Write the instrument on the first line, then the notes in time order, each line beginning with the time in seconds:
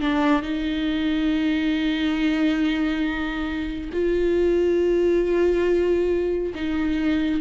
viola
0.00 D4
0.42 D#4
3.92 F4
6.54 D#4